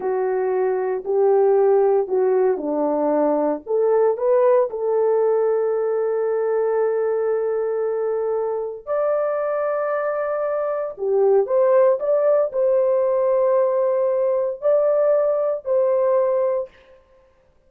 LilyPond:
\new Staff \with { instrumentName = "horn" } { \time 4/4 \tempo 4 = 115 fis'2 g'2 | fis'4 d'2 a'4 | b'4 a'2.~ | a'1~ |
a'4 d''2.~ | d''4 g'4 c''4 d''4 | c''1 | d''2 c''2 | }